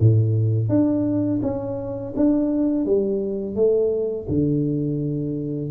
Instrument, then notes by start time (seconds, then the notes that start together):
tuba
0.00 A2
0.69 D4
1.42 C#4
2.16 D4
2.85 G3
3.55 A3
4.29 D3